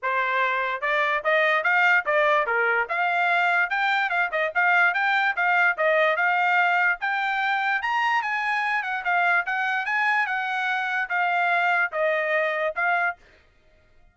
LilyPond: \new Staff \with { instrumentName = "trumpet" } { \time 4/4 \tempo 4 = 146 c''2 d''4 dis''4 | f''4 d''4 ais'4 f''4~ | f''4 g''4 f''8 dis''8 f''4 | g''4 f''4 dis''4 f''4~ |
f''4 g''2 ais''4 | gis''4. fis''8 f''4 fis''4 | gis''4 fis''2 f''4~ | f''4 dis''2 f''4 | }